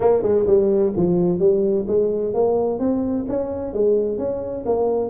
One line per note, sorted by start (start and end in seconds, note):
0.00 0.22 A#3
0.22 0.45 G#3
0.46 0.93 G3
0.96 1.39 F3
1.39 1.85 G3
1.87 2.34 G#3
2.34 2.79 A#3
2.79 3.25 C4
3.28 3.73 C#4
3.73 4.18 G#3
4.18 4.64 C#4
4.65 5.10 A#3